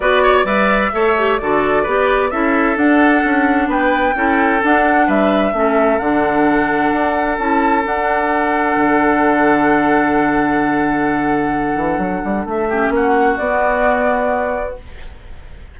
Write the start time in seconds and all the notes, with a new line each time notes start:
0.00 B3 F#4 B4 D5
0.22 C#5
0.44 G3 B4 D5 E5
0.92 A3 A4 C#5
1.17 G4
1.37 D3 F#4 A4 D5
1.82 B3 G4 B4
2.30 C#4 E4 A4 E5
2.76 D4 F#5
3.24 C#4
3.67 B3 B4 G5
4.15 C#4 E4 A4
4.61 D4 F#5
5.06 G3 B4 E5
5.52 A3 C#4 A4
5.98 D3 D4 F#5
6.93 D4
7.38 C#4 E4 A5
7.83 D4 F#5
8.76 D3
11.75 E3
11.97 F#3
12.24 G3
12.45 A3 E5
12.68 C#4 G4
12.89 A#3 F#5
12.95 F#4
13.37 B3 D5